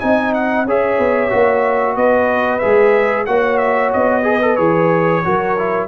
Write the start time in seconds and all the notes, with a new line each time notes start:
0.00 C4 D#4 D#5 G#5
0.33 F#5
0.65 C#4 G#4 C#5 E5
0.98 B3
1.30 A#3 F#4
1.95 B3 B4 D#5
2.59 G#3 G#4 E5
3.26 A#3 F#4 C#5 F#5
3.57 E5
3.93 B3 D#5
4.23 G#4 B4
4.42 A4
4.56 E3 G#4 C#5
5.24 F#3 F#4 A#4
5.58 E4